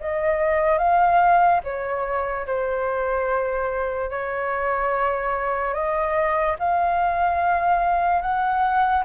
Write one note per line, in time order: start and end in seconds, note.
0.00 0.78 D#5
0.78 1.60 F5
1.63 2.45 C#5
2.45 4.09 C5
4.09 5.73 C#5
5.73 6.56 D#5
6.58 8.21 F5
8.21 9.03 F#5